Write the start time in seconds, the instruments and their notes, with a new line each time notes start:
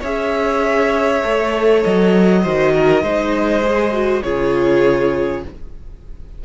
0.00 cello C#4, viola G#4, violin C#5 E5
1.23 cello A3, viola A4
1.82 cello F#3, violin D#5
2.42 cello D#3, viola F#4, violin C5
2.73 violin A#4
3.02 cello G#3, viola D#4, violin C5
3.64 viola G#4
3.92 viola F#4
4.22 cello C#3, viola F4, violin G#4 C#5